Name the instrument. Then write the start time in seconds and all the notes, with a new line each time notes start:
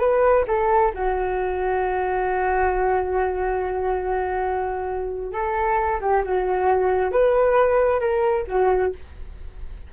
flute
0.00 B4
0.48 A4
0.95 F#4
5.33 A4
6.01 G4
6.25 F#4
7.12 B4
8.00 A#4
8.48 F#4